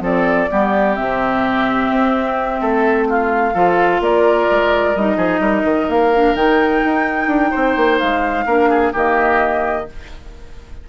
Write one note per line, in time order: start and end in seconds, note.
0.00 0.47 F3
0.00 0.48 C4
0.00 0.50 A4
0.00 0.95 D5
0.49 0.98 G3
0.49 0.96 B3
0.49 2.61 G4
0.95 1.90 C3
0.95 3.54 C4
0.95 3.06 E5
1.90 2.61 C4
2.61 3.54 A3
2.61 3.07 A4
3.08 3.54 F4
3.08 4.03 F5
3.54 4.00 F3
3.54 4.95 F4
3.54 4.00 A4
4.00 4.47 A#3
4.00 5.17 A#4
4.00 4.95 D5
4.50 4.95 G#3
4.95 5.17 G3
4.95 6.13 D#4
4.95 5.89 D#5
5.17 5.40 F3
5.17 5.40 G#4
5.40 5.63 G3
5.40 7.50 A#4
5.64 5.87 D#3
5.88 6.34 A#3
5.88 6.36 F5
6.13 6.36 D4
6.34 6.81 D#3
6.34 8.47 D#4
6.34 7.99 G5
6.85 7.27 D#4
7.27 7.50 D4
7.50 7.76 C4
7.50 8.44 C5
7.76 8.00 A#3
7.99 8.45 G#3
7.99 8.92 F5
8.45 8.92 A#3
8.45 8.93 D4
8.45 8.69 A#4
8.69 8.92 G#4
8.92 9.87 D#3
8.92 9.87 A#3
8.92 9.86 G4
8.92 9.89 D#5